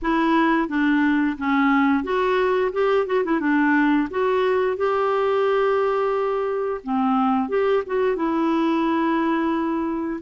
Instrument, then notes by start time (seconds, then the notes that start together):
clarinet
0.02 E4
0.68 D4
1.38 C#4
2.03 F#4
2.72 G4
3.06 F#4
3.24 E4
3.40 D4
4.10 F#4
4.76 G4
6.83 C4
7.48 G4
7.86 F#4
8.15 E4